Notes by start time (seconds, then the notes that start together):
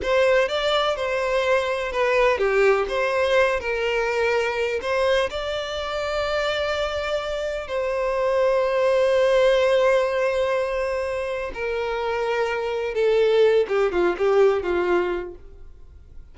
0.02 C5
0.48 D5
0.96 C5
1.92 B4
2.38 G4
2.88 C5
3.60 A#4
4.81 C5
5.30 D5
7.67 C5
11.53 A#4
12.94 A4
13.68 G4
13.92 F4
14.18 G4
14.62 F4